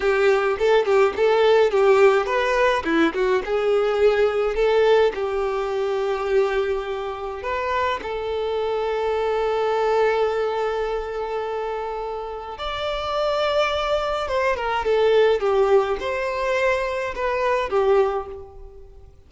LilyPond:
\new Staff \with { instrumentName = "violin" } { \time 4/4 \tempo 4 = 105 g'4 a'8 g'8 a'4 g'4 | b'4 e'8 fis'8 gis'2 | a'4 g'2.~ | g'4 b'4 a'2~ |
a'1~ | a'2 d''2~ | d''4 c''8 ais'8 a'4 g'4 | c''2 b'4 g'4 | }